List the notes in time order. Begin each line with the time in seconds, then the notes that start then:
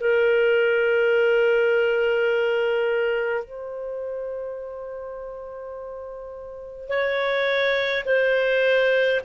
0.00 A#4
3.45 C5
6.88 C#5
8.05 C5